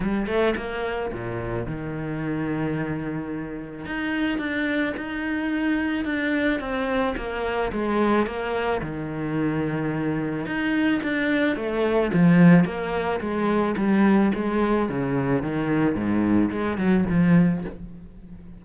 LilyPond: \new Staff \with { instrumentName = "cello" } { \time 4/4 \tempo 4 = 109 g8 a8 ais4 ais,4 dis4~ | dis2. dis'4 | d'4 dis'2 d'4 | c'4 ais4 gis4 ais4 |
dis2. dis'4 | d'4 a4 f4 ais4 | gis4 g4 gis4 cis4 | dis4 gis,4 gis8 fis8 f4 | }